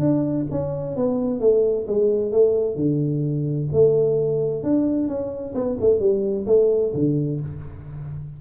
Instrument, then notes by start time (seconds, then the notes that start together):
tuba
0.00 D4
0.51 C#4
0.97 B3
1.40 A3
1.88 G#3
2.32 A3
2.76 D3
3.73 A3
4.64 D4
5.08 C#4
5.55 B3
5.81 A3
6.00 G3
6.47 A3
6.95 D3